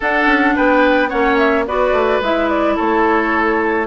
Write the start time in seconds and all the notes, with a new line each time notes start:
0.00 D4 A4 F#5
0.25 C#4
0.55 B3 B4 G5
1.09 A#3 C#4 C#5 F#5
1.38 E5
1.67 B3 F#4 B4 D5
1.92 A3
2.20 G#3 E4 E5
2.49 D5
2.76 A3 A4 C#5